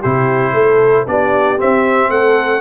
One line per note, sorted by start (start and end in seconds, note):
0.00 0.53 C3
0.00 1.07 E4
0.00 0.52 G4
0.00 1.07 C5
0.53 1.06 A3
0.53 1.05 A4
1.07 1.60 B3
1.07 1.57 D4
1.07 2.11 G4
1.07 1.60 D5
1.57 2.61 C4
1.57 2.10 C4
1.57 2.11 E5
2.10 2.61 A3
2.10 2.61 A4
2.10 2.61 F#5